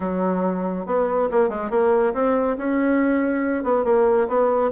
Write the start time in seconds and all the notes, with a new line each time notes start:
0.00 F#3
0.86 B3
1.31 A#3
1.49 G#3
1.70 A#3
2.13 C4
2.57 C#4
3.63 B3
3.84 A#3
4.28 B3